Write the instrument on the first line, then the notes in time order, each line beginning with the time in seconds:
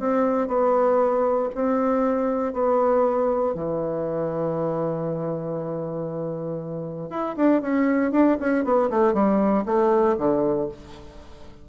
bassoon
0.00 C4
0.48 B3
1.55 C4
2.54 B3
3.55 E3
7.10 E4
7.37 D4
7.62 C#4
8.12 D4
8.40 C#4
8.64 B3
8.90 A3
9.14 G3
9.66 A3
10.18 D3